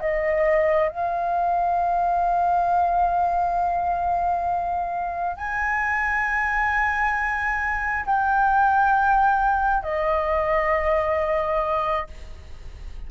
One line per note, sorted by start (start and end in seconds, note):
0.00 0.89 D#5
0.89 5.36 F5
5.36 8.05 G#5
8.06 9.83 G5
9.83 12.07 D#5